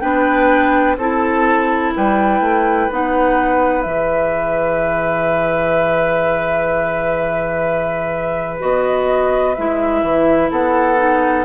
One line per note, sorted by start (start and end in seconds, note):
0.00 0.97 B3
0.00 0.97 D4
0.00 0.96 B4
0.00 0.95 G5
0.97 1.92 C4
0.97 2.90 E4
0.97 1.93 A4
0.97 1.93 A5
1.96 2.40 G3
1.96 10.51 B4
1.96 2.91 G5
2.40 2.88 A3
2.90 3.85 B3
2.90 3.84 D#4
2.90 3.81 F#5
3.81 8.61 E3
3.81 8.59 G#4
3.81 8.57 E5
8.59 9.57 B3
8.59 9.54 F#4
8.59 9.55 D#5
9.55 10.02 G#3
9.55 10.97 E4
9.55 10.50 E5
10.02 10.50 E3
10.51 11.45 B3
10.51 11.45 A4
10.51 11.45 F#5
10.97 11.45 D#4